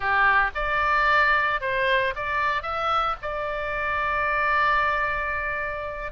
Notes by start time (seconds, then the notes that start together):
0.00 G4
0.54 D5
1.60 C5
2.15 D5
2.62 E5
3.22 D5